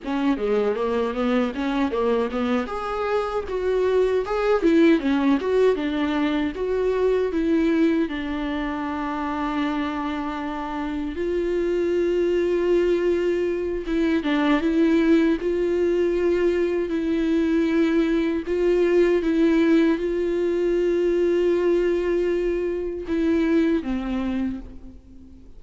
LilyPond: \new Staff \with { instrumentName = "viola" } { \time 4/4 \tempo 4 = 78 cis'8 gis8 ais8 b8 cis'8 ais8 b8 gis'8~ | gis'8 fis'4 gis'8 e'8 cis'8 fis'8 d'8~ | d'8 fis'4 e'4 d'4.~ | d'2~ d'8 f'4.~ |
f'2 e'8 d'8 e'4 | f'2 e'2 | f'4 e'4 f'2~ | f'2 e'4 c'4 | }